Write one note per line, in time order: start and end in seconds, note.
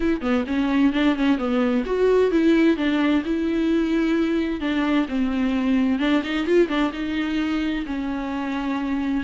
0.00 0.21 E4
0.21 0.44 B3
0.46 0.92 C#4
0.93 1.15 D4
1.15 1.37 C#4
1.37 1.84 B3
1.85 2.31 F#4
2.31 2.76 E4
2.76 3.22 D4
3.25 4.60 E4
4.60 5.06 D4
5.08 5.99 C4
5.99 6.22 D4
6.23 6.46 D#4
6.46 6.68 F4
6.68 6.91 D4
6.92 7.85 D#4
7.86 9.23 C#4